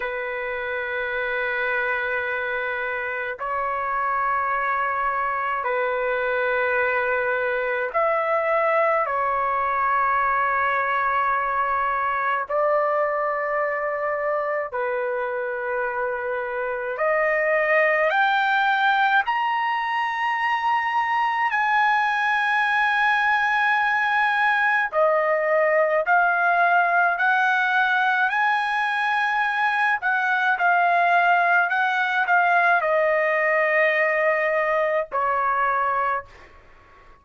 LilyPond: \new Staff \with { instrumentName = "trumpet" } { \time 4/4 \tempo 4 = 53 b'2. cis''4~ | cis''4 b'2 e''4 | cis''2. d''4~ | d''4 b'2 dis''4 |
g''4 ais''2 gis''4~ | gis''2 dis''4 f''4 | fis''4 gis''4. fis''8 f''4 | fis''8 f''8 dis''2 cis''4 | }